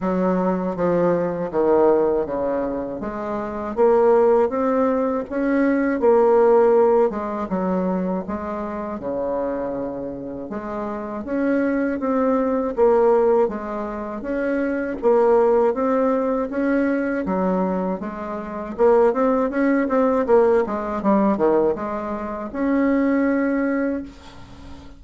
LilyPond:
\new Staff \with { instrumentName = "bassoon" } { \time 4/4 \tempo 4 = 80 fis4 f4 dis4 cis4 | gis4 ais4 c'4 cis'4 | ais4. gis8 fis4 gis4 | cis2 gis4 cis'4 |
c'4 ais4 gis4 cis'4 | ais4 c'4 cis'4 fis4 | gis4 ais8 c'8 cis'8 c'8 ais8 gis8 | g8 dis8 gis4 cis'2 | }